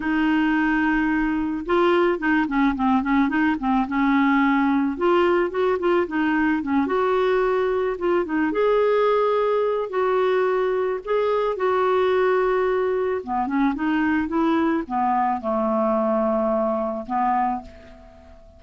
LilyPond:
\new Staff \with { instrumentName = "clarinet" } { \time 4/4 \tempo 4 = 109 dis'2. f'4 | dis'8 cis'8 c'8 cis'8 dis'8 c'8 cis'4~ | cis'4 f'4 fis'8 f'8 dis'4 | cis'8 fis'2 f'8 dis'8 gis'8~ |
gis'2 fis'2 | gis'4 fis'2. | b8 cis'8 dis'4 e'4 b4 | a2. b4 | }